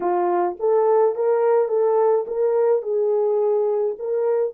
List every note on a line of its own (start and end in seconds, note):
0.00 0.57 F4
0.59 1.15 A4
1.15 1.68 A#4
1.68 2.25 A4
2.27 2.82 A#4
2.82 3.95 G#4
3.99 4.53 A#4